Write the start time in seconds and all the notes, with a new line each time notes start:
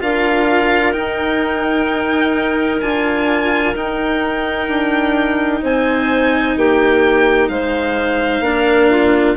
0.00 D4 F4 A#4 F5
0.93 D#4 G5
2.80 D4 F4 G#5
3.74 D#4 G5
4.68 D4
5.62 C4 C5 G#5
6.56 A#3 G4 G5
7.48 G#3 C5 F5
8.40 A#3 D4 A#4
8.90 F4